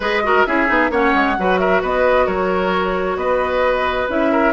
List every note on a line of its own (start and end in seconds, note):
0.00 0.44 G#3
0.00 0.23 G#4
0.00 0.21 B4
0.00 0.45 D#5
0.23 0.46 F#4
0.23 0.47 A#4
0.45 0.69 C#4
0.45 0.67 E4
0.45 0.91 G#4
0.45 0.91 E5
0.67 0.90 B3
0.67 0.89 D#4
0.90 1.12 A#3
0.90 1.36 C#4
0.90 1.36 C#5
0.90 1.58 F#5
1.14 1.37 G#3
1.38 1.82 F#3
1.38 4.08 F#4
1.38 1.60 B4
1.58 1.81 A#4
1.58 1.81 E5
1.81 2.26 B3
1.81 2.25 B4
1.81 2.27 D#5
2.25 3.16 F#3
2.25 3.16 A#4
2.25 3.17 C#5
3.16 4.07 B3
3.16 4.32 B4
3.16 4.08 D#5
4.08 4.52 C#4
4.08 4.52 E4
4.08 4.52 E5
4.32 4.52 A#4